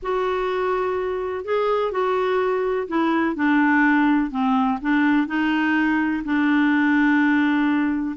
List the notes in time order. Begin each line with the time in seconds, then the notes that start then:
0.02 F#4
1.44 G#4
1.91 F#4
2.88 E4
3.35 D4
4.30 C4
4.81 D4
5.27 D#4
6.24 D4